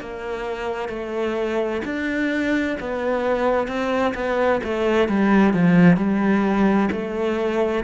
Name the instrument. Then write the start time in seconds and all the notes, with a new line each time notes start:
cello
0.00 A#3
0.89 A3
1.85 D4
2.79 B3
3.67 C4
4.14 B3
4.63 A3
5.08 G3
5.53 F3
5.96 G3
6.91 A3